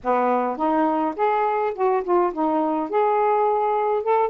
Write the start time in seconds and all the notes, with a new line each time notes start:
0.03 B3
0.56 D#4
1.15 G#4
1.75 F#4
2.03 F4
2.33 D#4
2.89 G#4
4.03 A4